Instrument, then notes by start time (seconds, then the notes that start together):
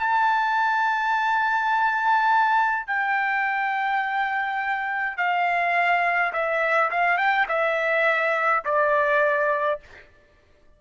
trumpet
0.00 A5
2.87 G5
5.18 F5
6.33 E5
6.91 F5
7.18 G5
7.49 E5
8.65 D5